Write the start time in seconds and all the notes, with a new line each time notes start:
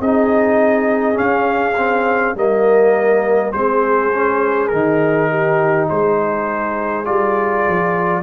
0.00 C4 D#4 G#4 D#5
1.13 C#4 F5
1.76 C4
2.35 G3 A#3 A#4 D#5
3.52 G#3 C4 G#4 C5
4.14 C#4
4.68 D#3 D#4 A#4
5.30 G4
5.89 G#3 G#4 C5
7.05 G3 F4 D5
7.68 F3